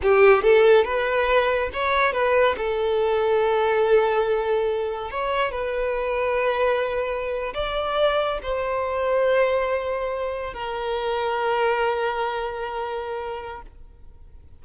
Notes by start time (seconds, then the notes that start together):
0.02 G4
0.42 A4
0.84 B4
1.73 C#5
2.13 B4
2.57 A4
5.10 C#5
5.51 B4
7.54 D5
8.42 C5
10.53 A#4